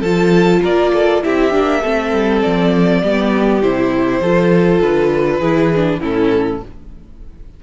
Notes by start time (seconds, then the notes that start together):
0.00 F3 F4 A4 A5
0.62 A#3 A#4 D5
0.93 A4
1.23 C4 E4 G4 E5
1.51 A#3 D4
1.81 A3 C4 A4
2.13 G3
2.42 F3 D5
3.03 G3 B3 G4
3.62 C3 E4 C5
4.20 F3 F4 A4
4.81 D3 B4
5.40 E3 E4 G#4
5.76 D4
6.00 A2 C#4 E4 A4